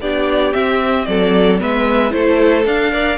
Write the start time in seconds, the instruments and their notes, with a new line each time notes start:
0.00 cello B3, viola D4, violin G4 D5
0.53 viola C4, cello C4, violin E5
1.05 cello F#3, violin A4 D5
1.59 cello G#3, viola B3, violin B4 E5
2.10 cello A3, viola E4, violin A4 C5
2.65 viola D4, cello D4, violin F5
2.91 viola A#4, violin D5